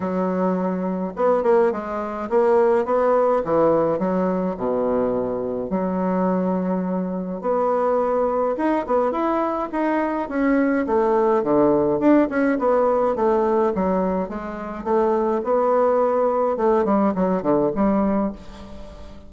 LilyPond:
\new Staff \with { instrumentName = "bassoon" } { \time 4/4 \tempo 4 = 105 fis2 b8 ais8 gis4 | ais4 b4 e4 fis4 | b,2 fis2~ | fis4 b2 dis'8 b8 |
e'4 dis'4 cis'4 a4 | d4 d'8 cis'8 b4 a4 | fis4 gis4 a4 b4~ | b4 a8 g8 fis8 d8 g4 | }